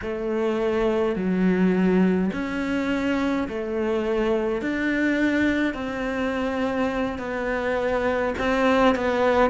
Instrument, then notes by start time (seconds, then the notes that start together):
cello
0.02 A3
1.15 F#3
2.32 C#4
3.48 A3
4.62 D4
5.74 C4
7.18 B3
8.38 C4
8.95 B3